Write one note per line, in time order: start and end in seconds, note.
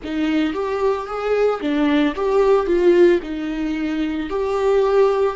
0.03 0.53 D#4
0.53 1.06 G4
1.06 1.60 G#4
1.61 2.14 D4
2.15 2.66 G4
2.66 3.19 F4
3.22 4.29 D#4
4.29 5.36 G4